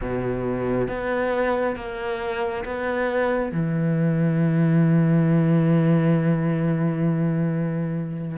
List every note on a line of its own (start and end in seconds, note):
0.01 0.88 B2
0.88 1.76 B3
1.76 2.64 A#3
2.65 3.52 B3
3.52 8.37 E3